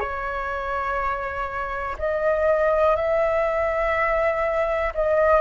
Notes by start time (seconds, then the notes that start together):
0.00 C#5
1.99 D#5
2.96 E5
4.94 D#5